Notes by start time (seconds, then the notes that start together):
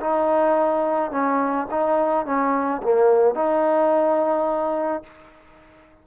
0.00 D#4
1.11 C#4
1.71 D#4
2.26 C#4
2.82 A#3
3.35 D#4